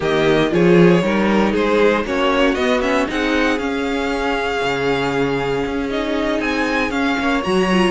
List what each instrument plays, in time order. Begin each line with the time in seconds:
0.00 cello D#3, viola A#3, violin G4 D#5
0.50 cello F3, viola F4, violin G#4 C#5
1.02 cello G3, viola D#4, violin A#4
1.52 cello G#3, violin G#4 C5
2.04 cello A#3, viola C#4, violin F#4 C#5
2.54 cello B3, viola B3, violin D#5
2.80 viola C#4, violin E5
3.07 cello C4, viola D#4, violin G#4 F#5
3.58 cello C#4, viola C#4, violin F5
4.62 cello C#3
5.65 cello C#4
5.90 viola D#4, violin D#5
6.39 cello C4, violin G#5
6.90 cello C#4, viola C#4, violin F5
7.19 cello A#3, violin C#5
7.43 cello F#3, viola F#4, violin A#5
7.72 viola F4